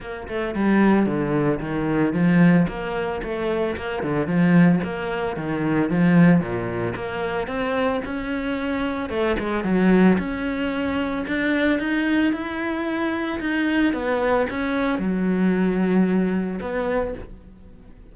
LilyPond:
\new Staff \with { instrumentName = "cello" } { \time 4/4 \tempo 4 = 112 ais8 a8 g4 d4 dis4 | f4 ais4 a4 ais8 d8 | f4 ais4 dis4 f4 | ais,4 ais4 c'4 cis'4~ |
cis'4 a8 gis8 fis4 cis'4~ | cis'4 d'4 dis'4 e'4~ | e'4 dis'4 b4 cis'4 | fis2. b4 | }